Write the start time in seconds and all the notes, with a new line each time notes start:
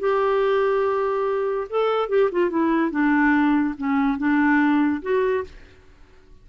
0.00 G4
1.70 A4
2.09 G4
2.32 F4
2.50 E4
2.91 D4
3.78 C#4
4.18 D4
5.02 F#4